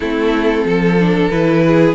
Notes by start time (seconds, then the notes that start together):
0.00 A3 C4 E4 A4
0.64 F3 A4
0.99 D4
1.30 E3 E4 B4
1.66 G#4